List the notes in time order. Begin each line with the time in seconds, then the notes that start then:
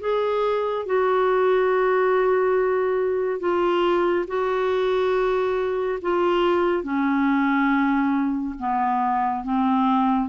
0.00 G#4
0.86 F#4
3.40 F4
4.27 F#4
6.02 F4
6.83 C#4
8.59 B3
9.44 C4